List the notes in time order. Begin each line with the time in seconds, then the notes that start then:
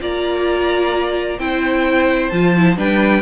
0.00 A#3 F4 D5 A#5
1.39 C4 E4 C5 G5
2.30 F3 F4 A5
2.57 E4
2.76 G3 D4 B4 G5